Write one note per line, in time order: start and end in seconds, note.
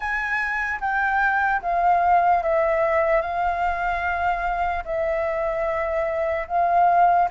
0.00 0.79 G#5
0.80 1.61 G5
1.62 2.43 F5
2.43 3.21 E5
3.21 4.83 F5
4.84 6.46 E5
6.47 7.28 F5